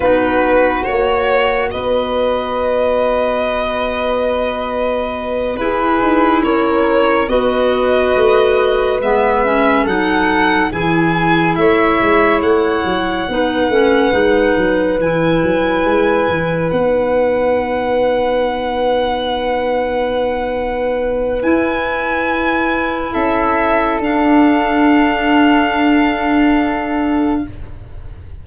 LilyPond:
<<
  \new Staff \with { instrumentName = "violin" } { \time 4/4 \tempo 4 = 70 b'4 cis''4 dis''2~ | dis''2~ dis''8 b'4 cis''8~ | cis''8 dis''2 e''4 fis''8~ | fis''8 gis''4 e''4 fis''4.~ |
fis''4. gis''2 fis''8~ | fis''1~ | fis''4 gis''2 e''4 | f''1 | }
  \new Staff \with { instrumentName = "flute" } { \time 4/4 fis'2 b'2~ | b'2~ b'8 gis'4 ais'8~ | ais'8 b'2. a'8~ | a'8 gis'4 cis''2 b'8~ |
b'1~ | b'1~ | b'2. a'4~ | a'1 | }
  \new Staff \with { instrumentName = "clarinet" } { \time 4/4 dis'4 fis'2.~ | fis'2~ fis'8 e'4.~ | e'8 fis'2 b8 cis'8 dis'8~ | dis'8 e'2. dis'8 |
cis'8 dis'4 e'2 dis'8~ | dis'1~ | dis'4 e'2. | d'1 | }
  \new Staff \with { instrumentName = "tuba" } { \time 4/4 b4 ais4 b2~ | b2~ b8 e'8 dis'8 cis'8~ | cis'8 b4 a4 gis4 fis8~ | fis8 e4 a8 gis8 a8 fis8 b8 |
a8 gis8 fis8 e8 fis8 gis8 e8 b8~ | b1~ | b4 e'2 cis'4 | d'1 | }
>>